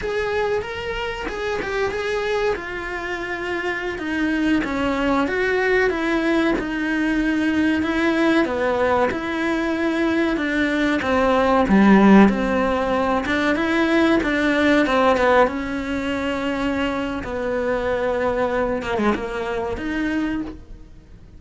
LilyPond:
\new Staff \with { instrumentName = "cello" } { \time 4/4 \tempo 4 = 94 gis'4 ais'4 gis'8 g'8 gis'4 | f'2~ f'16 dis'4 cis'8.~ | cis'16 fis'4 e'4 dis'4.~ dis'16~ | dis'16 e'4 b4 e'4.~ e'16~ |
e'16 d'4 c'4 g4 c'8.~ | c'8. d'8 e'4 d'4 c'8 b16~ | b16 cis'2~ cis'8. b4~ | b4. ais16 gis16 ais4 dis'4 | }